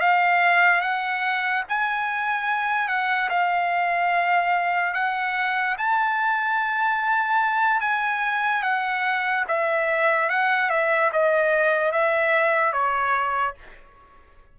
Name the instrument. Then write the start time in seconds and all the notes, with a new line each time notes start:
trumpet
0.00 F5
0.81 F#5
1.68 G#5
2.88 F#5
3.29 F5
4.94 F#5
5.78 A5
7.80 G#5
8.62 F#5
9.47 E5
10.29 F#5
10.70 E5
11.12 D#5
11.91 E5
12.72 C#5